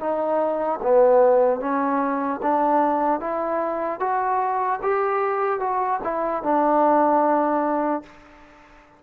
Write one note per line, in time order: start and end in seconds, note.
0.00 0.80 D#4
0.83 1.61 B3
1.61 2.41 C#4
2.43 3.21 D4
3.21 4.00 E4
4.00 4.80 F#4
4.83 5.60 G4
5.60 6.00 F#4
6.04 6.44 E4
6.44 8.04 D4